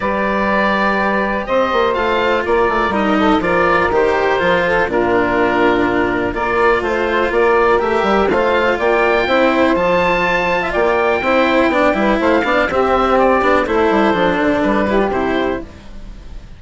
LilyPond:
<<
  \new Staff \with { instrumentName = "oboe" } { \time 4/4 \tempo 4 = 123 d''2. dis''4 | f''4 d''4 dis''4 d''4 | c''2 ais'2~ | ais'4 d''4 c''4 d''4 |
e''4 f''4 g''2 | a''2 g''2~ | g''4 f''4 e''4 d''4 | c''2 b'4 c''4 | }
  \new Staff \with { instrumentName = "saxophone" } { \time 4/4 b'2. c''4~ | c''4 ais'4. a'8 ais'4~ | ais'4. a'8 f'2~ | f'4 ais'4 c''4 ais'4~ |
ais'4 c''4 d''4 c''4~ | c''4.~ c''16 e''16 d''4 c''4 | d''8 b'8 c''8 d''8 g'2 | a'2~ a'8 g'4. | }
  \new Staff \with { instrumentName = "cello" } { \time 4/4 g'1 | f'2 dis'4 f'4 | g'4 f'4 d'2~ | d'4 f'2. |
g'4 f'2 e'4 | f'2. e'4 | d'8 e'4 d'8 c'4. d'8 | e'4 d'4. e'16 f'16 e'4 | }
  \new Staff \with { instrumentName = "bassoon" } { \time 4/4 g2. c'8 ais8 | a4 ais8 a8 g4 f4 | dis4 f4 ais,2~ | ais,4 ais4 a4 ais4 |
a8 g8 a4 ais4 c'4 | f2 ais4 c'4 | b8 g8 a8 b8 c'4. b8 | a8 g8 f8 d8 g4 c4 | }
>>